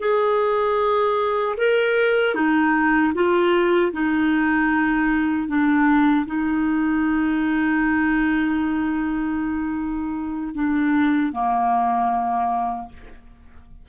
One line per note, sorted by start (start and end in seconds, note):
0.00 1.56 G#4
1.58 2.35 A#4
2.35 3.13 D#4
3.15 3.92 F4
3.92 5.48 D#4
5.48 6.26 D4
6.26 10.55 D#4
10.55 11.33 D4
11.33 12.89 A#3